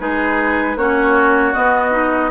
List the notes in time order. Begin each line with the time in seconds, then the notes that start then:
0.00 G#3 D#4 G#4 B4
0.76 A#3 C#4 F#4 C#5
1.54 B3 D#5
1.92 D#4